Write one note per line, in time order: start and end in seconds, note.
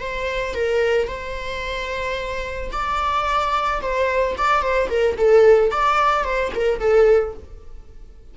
0.00 0.54 C5
0.54 1.07 A#4
1.07 2.71 C5
2.72 3.81 D5
3.81 4.36 C5
4.38 4.62 D5
4.62 4.89 C5
4.89 5.17 A#4
5.17 5.71 A4
5.71 6.24 D5
6.24 6.51 C5
6.55 6.79 A#4
6.79 7.34 A4